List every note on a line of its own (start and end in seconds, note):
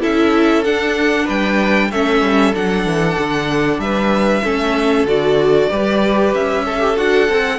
0.00 0.66 C#4
0.00 0.63 E4
0.00 1.25 A4
0.00 0.64 E5
0.64 1.91 D4
0.64 1.29 D4
0.64 1.27 F#5
1.25 1.91 G3
1.25 1.88 B4
1.25 1.91 G5
1.91 2.21 A3
1.91 2.53 C#4
1.91 3.81 A4
1.91 2.54 E5
2.21 2.53 G3
2.53 2.85 F#3
2.53 4.42 D4
2.53 3.80 F#5
2.85 3.17 E3
3.18 3.78 D3
3.78 4.41 G3
3.78 4.44 B4
3.78 5.06 E5
4.44 5.04 A3
4.44 5.07 C#4
4.44 5.70 A4
5.04 5.67 D3
5.04 5.70 F#4
5.04 6.34 D5
5.70 6.34 G3
5.70 6.65 G4
5.70 6.65 B4
6.34 6.97 C#4
6.34 6.97 E5
6.65 7.59 A4
6.65 6.79 A4
6.79 6.95 G4
6.96 7.29 D4
6.96 7.28 F#4
6.96 7.59 F#5
7.29 7.59 C4
7.29 7.59 A4